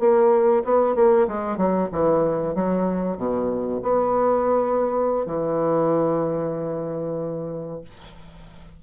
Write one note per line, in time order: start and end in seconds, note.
0.00 0.64 A#3
0.65 0.95 B3
0.95 1.27 A#3
1.28 1.58 G#3
1.58 1.89 F#3
1.93 2.55 E3
2.55 3.17 F#3
3.17 3.81 B2
3.83 5.26 B3
5.26 7.82 E3